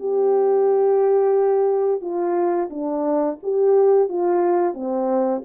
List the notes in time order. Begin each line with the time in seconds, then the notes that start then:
0.00 G4
2.01 F4
2.70 D4
3.43 G4
4.09 F4
4.74 C4